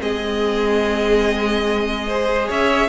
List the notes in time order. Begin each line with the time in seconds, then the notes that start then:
0.00 G#3 C4 G#4 D#5
2.08 G#4 C5
2.48 C#4 C#5 E5